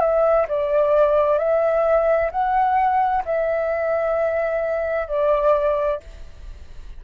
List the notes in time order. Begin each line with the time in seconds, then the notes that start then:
0.00 E5
0.48 D5
1.38 E5
2.31 F#5
3.25 E5
5.08 D5